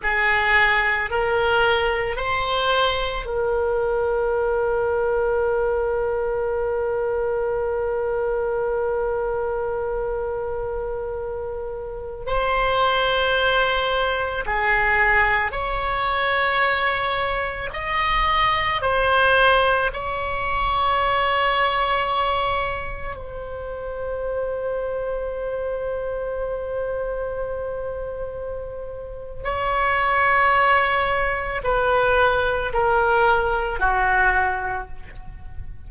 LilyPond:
\new Staff \with { instrumentName = "oboe" } { \time 4/4 \tempo 4 = 55 gis'4 ais'4 c''4 ais'4~ | ais'1~ | ais'2.~ ais'16 c''8.~ | c''4~ c''16 gis'4 cis''4.~ cis''16~ |
cis''16 dis''4 c''4 cis''4.~ cis''16~ | cis''4~ cis''16 c''2~ c''8.~ | c''2. cis''4~ | cis''4 b'4 ais'4 fis'4 | }